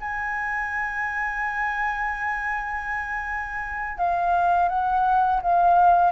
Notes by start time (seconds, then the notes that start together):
0.00 G#5
3.98 F5
4.69 F#5
5.42 F5